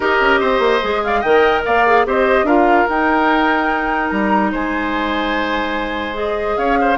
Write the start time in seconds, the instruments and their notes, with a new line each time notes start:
0.00 bassoon D#4, clarinet G4, oboe A#4, flute D#5
0.20 bassoon C#4
0.39 bassoon C4, oboe C5
0.59 bassoon A#3
0.81 bassoon G#3, clarinet G#4
1.04 oboe D5, flute F5
1.20 bassoon D#3, clarinet A#4, oboe D#5, flute G5
1.65 bassoon A#3, oboe D5, flute F5
1.86 clarinet G#4
2.06 bassoon C4, clarinet G4, oboe C5, flute D#5
2.43 bassoon D4, clarinet F4, oboe A#4, flute F5
2.88 bassoon D#4, clarinet D#4, flute G5
4.09 bassoon G3, flute A#5
4.51 bassoon G#3, oboe C5, flute G#5
6.13 clarinet G#4, flute D#5
6.57 bassoon C#4, oboe C#5, flute F5
6.80 oboe C5